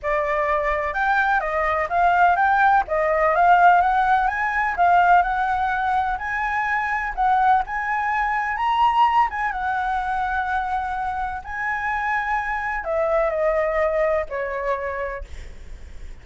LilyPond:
\new Staff \with { instrumentName = "flute" } { \time 4/4 \tempo 4 = 126 d''2 g''4 dis''4 | f''4 g''4 dis''4 f''4 | fis''4 gis''4 f''4 fis''4~ | fis''4 gis''2 fis''4 |
gis''2 ais''4. gis''8 | fis''1 | gis''2. e''4 | dis''2 cis''2 | }